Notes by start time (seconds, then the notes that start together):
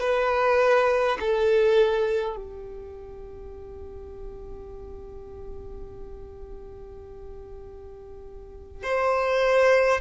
0.00 B4
1.19 A4
2.36 G4
8.83 C5